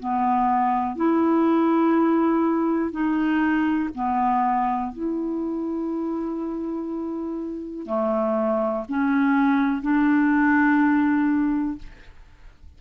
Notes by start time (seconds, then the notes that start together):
0.00 B3
0.96 E4
2.92 D#4
3.95 B3
4.93 E4
7.87 A3
8.89 C#4
9.82 D4